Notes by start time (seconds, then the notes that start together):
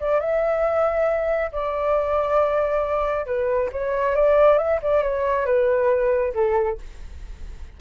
0.00 D5
0.20 E5
1.52 D5
3.26 B4
3.72 C#5
4.15 D5
4.58 E5
4.82 D5
5.03 C#5
5.46 B4
6.34 A4